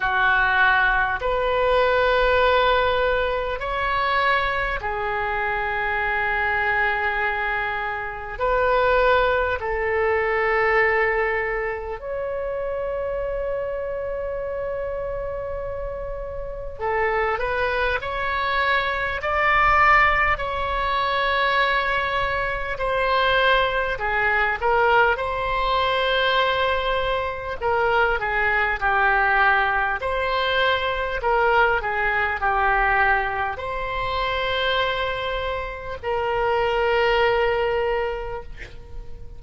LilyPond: \new Staff \with { instrumentName = "oboe" } { \time 4/4 \tempo 4 = 50 fis'4 b'2 cis''4 | gis'2. b'4 | a'2 cis''2~ | cis''2 a'8 b'8 cis''4 |
d''4 cis''2 c''4 | gis'8 ais'8 c''2 ais'8 gis'8 | g'4 c''4 ais'8 gis'8 g'4 | c''2 ais'2 | }